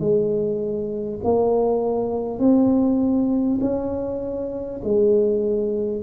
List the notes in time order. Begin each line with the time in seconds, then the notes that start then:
0.00 G#3
1.24 A#3
2.39 C4
3.61 C#4
4.84 G#3